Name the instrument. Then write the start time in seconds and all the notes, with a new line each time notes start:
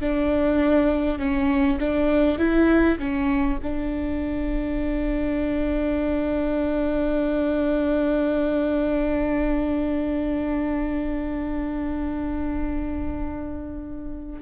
viola
0.00 D4
1.18 C#4
1.79 D4
2.38 E4
2.98 C#4
3.62 D4